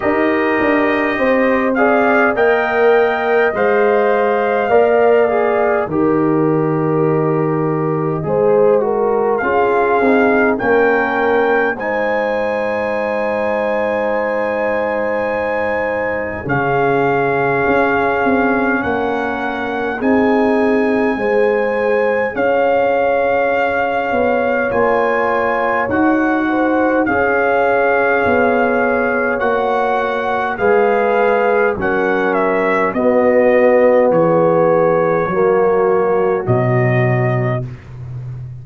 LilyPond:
<<
  \new Staff \with { instrumentName = "trumpet" } { \time 4/4 \tempo 4 = 51 dis''4. f''8 g''4 f''4~ | f''4 dis''2. | f''4 g''4 gis''2~ | gis''2 f''2 |
fis''4 gis''2 f''4~ | f''4 gis''4 fis''4 f''4~ | f''4 fis''4 f''4 fis''8 e''8 | dis''4 cis''2 dis''4 | }
  \new Staff \with { instrumentName = "horn" } { \time 4/4 ais'4 c''8 d''8 dis''2 | d''4 ais'2 c''8 ais'8 | gis'4 ais'4 c''2~ | c''2 gis'2 |
ais'4 gis'4 c''4 cis''4~ | cis''2~ cis''8 c''8 cis''4~ | cis''2 b'4 ais'4 | fis'4 gis'4 fis'2 | }
  \new Staff \with { instrumentName = "trombone" } { \time 4/4 g'4. gis'8 ais'4 c''4 | ais'8 gis'8 g'2 gis'8 fis'8 | f'8 dis'8 cis'4 dis'2~ | dis'2 cis'2~ |
cis'4 dis'4 gis'2~ | gis'4 f'4 fis'4 gis'4~ | gis'4 fis'4 gis'4 cis'4 | b2 ais4 fis4 | }
  \new Staff \with { instrumentName = "tuba" } { \time 4/4 dis'8 d'8 c'4 ais4 gis4 | ais4 dis2 gis4 | cis'8 c'8 ais4 gis2~ | gis2 cis4 cis'8 c'8 |
ais4 c'4 gis4 cis'4~ | cis'8 b8 ais4 dis'4 cis'4 | b4 ais4 gis4 fis4 | b4 e4 fis4 b,4 | }
>>